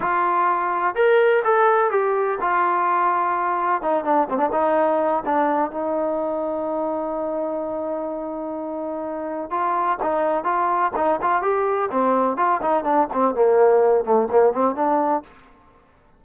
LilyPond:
\new Staff \with { instrumentName = "trombone" } { \time 4/4 \tempo 4 = 126 f'2 ais'4 a'4 | g'4 f'2. | dis'8 d'8 c'16 d'16 dis'4. d'4 | dis'1~ |
dis'1 | f'4 dis'4 f'4 dis'8 f'8 | g'4 c'4 f'8 dis'8 d'8 c'8 | ais4. a8 ais8 c'8 d'4 | }